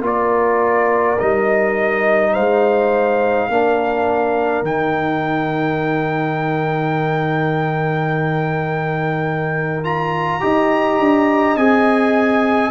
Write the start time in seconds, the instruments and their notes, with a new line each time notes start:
0.00 tuba A#3, trombone F4, trumpet D5
0.06 horn A#4
1.19 tuba G3, trombone D#4, trumpet D#5
2.32 tuba G#3, horn C5, trumpet F5
3.49 tuba A#3, trombone D4, horn A#4
4.62 tuba D#3, trombone D#4, trumpet G5
9.83 trombone F4, trumpet A#5
10.40 tuba D#4, trombone G4, horn D#5
10.99 tuba D4
11.56 tuba C4, trombone G#4, trumpet G#5